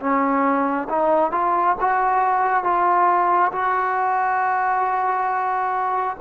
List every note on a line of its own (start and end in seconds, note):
0.00 0.88 C#4
0.89 1.32 D#4
1.32 1.76 F4
1.80 2.64 F#4
2.64 3.52 F4
3.52 6.17 F#4